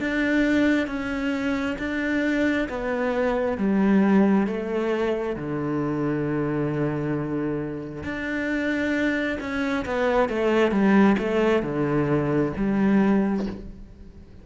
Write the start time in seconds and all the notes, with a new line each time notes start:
0.00 D4
0.87 C#4
1.79 D4
2.69 B3
3.58 G3
4.47 A3
5.36 D3
8.04 D4
9.40 C#4
9.85 B3
10.29 A3
10.71 G3
11.19 A3
11.63 D3
12.57 G3